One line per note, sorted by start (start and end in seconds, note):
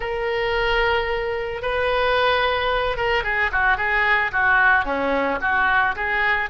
0.00 1.61 A#4
1.61 2.97 B4
2.97 3.23 A#4
3.23 3.50 G#4
3.52 3.77 F#4
3.77 4.31 G#4
4.32 4.84 F#4
4.84 5.38 C#4
5.41 5.95 F#4
5.95 6.49 G#4